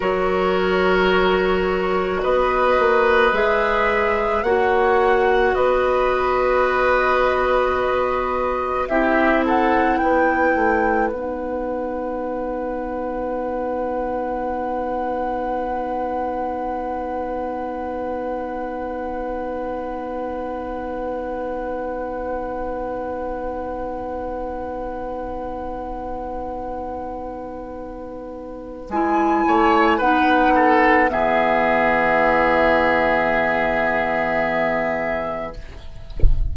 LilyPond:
<<
  \new Staff \with { instrumentName = "flute" } { \time 4/4 \tempo 4 = 54 cis''2 dis''4 e''4 | fis''4 dis''2. | e''8 fis''8 g''4 fis''2~ | fis''1~ |
fis''1~ | fis''1~ | fis''2 gis''4 fis''4 | e''1 | }
  \new Staff \with { instrumentName = "oboe" } { \time 4/4 ais'2 b'2 | cis''4 b'2. | g'8 a'8 b'2.~ | b'1~ |
b'1~ | b'1~ | b'2~ b'8 cis''8 b'8 a'8 | gis'1 | }
  \new Staff \with { instrumentName = "clarinet" } { \time 4/4 fis'2. gis'4 | fis'1 | e'2 dis'2~ | dis'1~ |
dis'1~ | dis'1~ | dis'2 e'4 dis'4 | b1 | }
  \new Staff \with { instrumentName = "bassoon" } { \time 4/4 fis2 b8 ais8 gis4 | ais4 b2. | c'4 b8 a8 b2~ | b1~ |
b1~ | b1~ | b2 gis8 a8 b4 | e1 | }
>>